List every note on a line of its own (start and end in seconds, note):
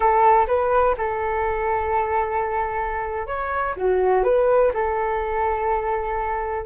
0.00 0.46 A4
0.47 0.95 B4
0.97 3.26 A4
3.26 3.75 C#5
3.76 4.23 F#4
4.23 4.72 B4
4.73 6.65 A4